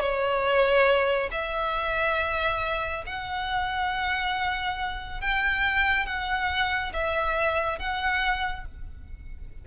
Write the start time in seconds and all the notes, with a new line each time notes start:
0.00 C#5
1.31 E5
3.06 F#5
5.21 G5
6.06 F#5
6.93 E5
7.79 F#5